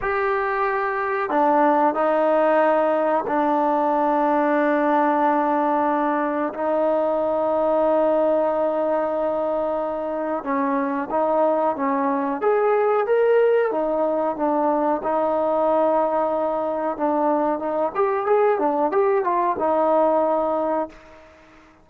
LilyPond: \new Staff \with { instrumentName = "trombone" } { \time 4/4 \tempo 4 = 92 g'2 d'4 dis'4~ | dis'4 d'2.~ | d'2 dis'2~ | dis'1 |
cis'4 dis'4 cis'4 gis'4 | ais'4 dis'4 d'4 dis'4~ | dis'2 d'4 dis'8 g'8 | gis'8 d'8 g'8 f'8 dis'2 | }